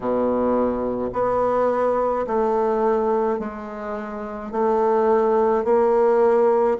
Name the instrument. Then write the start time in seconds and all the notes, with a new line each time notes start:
bassoon
0.00 B2
1.12 B3
2.26 A3
3.39 G#3
4.51 A3
5.64 A#3